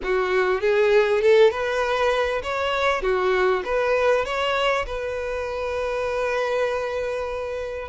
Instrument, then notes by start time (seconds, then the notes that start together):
violin
0.03 F#4
0.61 G#4
1.21 A4
1.50 B4
2.42 C#5
3.02 F#4
3.64 B4
4.25 C#5
4.86 B4